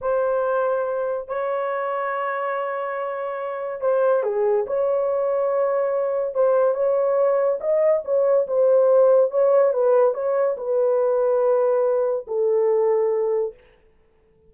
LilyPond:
\new Staff \with { instrumentName = "horn" } { \time 4/4 \tempo 4 = 142 c''2. cis''4~ | cis''1~ | cis''4 c''4 gis'4 cis''4~ | cis''2. c''4 |
cis''2 dis''4 cis''4 | c''2 cis''4 b'4 | cis''4 b'2.~ | b'4 a'2. | }